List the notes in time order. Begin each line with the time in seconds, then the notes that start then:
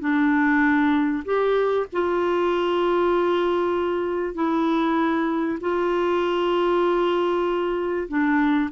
0.00 D4
1.25 G4
1.93 F4
4.35 E4
5.60 F4
8.08 D4